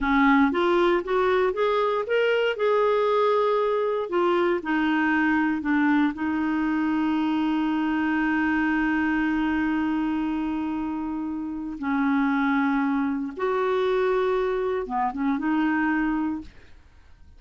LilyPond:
\new Staff \with { instrumentName = "clarinet" } { \time 4/4 \tempo 4 = 117 cis'4 f'4 fis'4 gis'4 | ais'4 gis'2. | f'4 dis'2 d'4 | dis'1~ |
dis'1~ | dis'2. cis'4~ | cis'2 fis'2~ | fis'4 b8 cis'8 dis'2 | }